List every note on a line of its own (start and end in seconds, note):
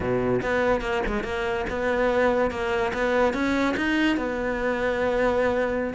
0.00 0.41 B2
0.42 0.81 B3
0.81 1.02 A#3
1.06 1.23 G#3
1.23 1.65 A#3
1.69 2.50 B3
2.50 2.92 A#3
2.93 3.33 B3
3.33 3.75 C#4
3.76 4.17 D#4
4.17 5.94 B3